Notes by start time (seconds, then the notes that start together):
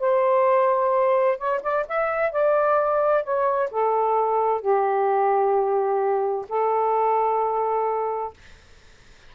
0.00 C5
1.38 C#5
1.63 D5
1.89 E5
2.32 D5
3.24 C#5
3.71 A4
4.61 G4
6.49 A4